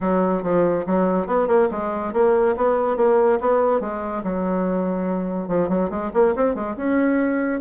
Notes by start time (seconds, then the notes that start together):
0.01 F#3
0.42 F3
0.86 F#3
1.27 B3
1.47 A#3
1.71 G#3
2.13 A#3
2.56 B3
2.97 A#3
3.40 B3
3.80 G#3
4.23 F#3
5.48 F3
5.69 F#3
5.89 G#3
6.13 A#3
6.35 C4
6.54 G#3
6.76 C#4